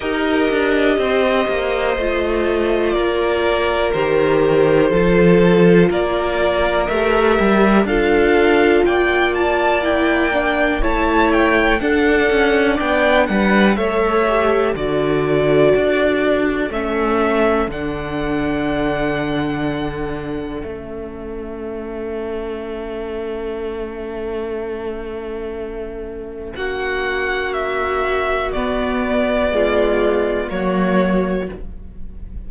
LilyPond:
<<
  \new Staff \with { instrumentName = "violin" } { \time 4/4 \tempo 4 = 61 dis''2. d''4 | c''2 d''4 e''4 | f''4 g''8 a''8 g''4 a''8 g''8 | fis''4 g''8 fis''8 e''4 d''4~ |
d''4 e''4 fis''2~ | fis''4 e''2.~ | e''2. fis''4 | e''4 d''2 cis''4 | }
  \new Staff \with { instrumentName = "violin" } { \time 4/4 ais'4 c''2 ais'4~ | ais'4 a'4 ais'2 | a'4 d''2 cis''4 | a'4 d''8 b'8 cis''4 a'4~ |
a'1~ | a'1~ | a'2. fis'4~ | fis'2 f'4 fis'4 | }
  \new Staff \with { instrumentName = "viola" } { \time 4/4 g'2 f'2 | g'4 f'2 g'4 | f'2 e'8 d'8 e'4 | d'2 a'8 g'8 fis'4~ |
fis'4 cis'4 d'2~ | d'4 cis'2.~ | cis'1~ | cis'4 b4 gis4 ais4 | }
  \new Staff \with { instrumentName = "cello" } { \time 4/4 dis'8 d'8 c'8 ais8 a4 ais4 | dis4 f4 ais4 a8 g8 | d'4 ais2 a4 | d'8 cis'8 b8 g8 a4 d4 |
d'4 a4 d2~ | d4 a2.~ | a2. ais4~ | ais4 b2 fis4 | }
>>